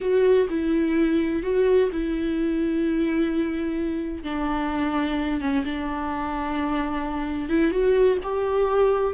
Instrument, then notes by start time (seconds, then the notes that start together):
viola
0.00 F#4
0.49 E4
1.43 F#4
1.92 E4
4.23 D4
5.40 C#4
5.64 D4
7.49 E4
7.71 F#4
8.23 G4